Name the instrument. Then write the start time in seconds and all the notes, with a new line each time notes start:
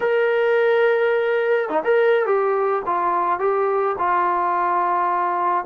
trombone
0.00 A#4
1.69 D#4
1.84 A#4
2.26 G4
2.86 F4
3.39 G4
3.98 F4